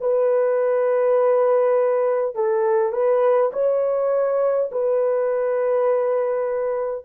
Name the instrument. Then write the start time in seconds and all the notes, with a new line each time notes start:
horn
0.00 B4
2.35 A4
2.92 B4
3.52 C#5
4.72 B4